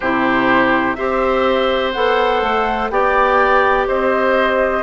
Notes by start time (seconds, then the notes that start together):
0.00 C3 E4 G4 C5
0.94 C4 G4 C5 E5
1.92 B3 A4 F#5
2.42 A3
2.90 B3 G4 D5 G5
3.87 C4 C5 D#5